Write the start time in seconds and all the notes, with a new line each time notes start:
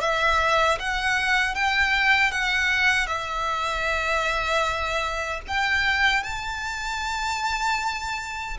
0.00 E5
0.79 F#5
1.54 G5
2.31 F#5
3.06 E5
5.47 G5
6.23 A5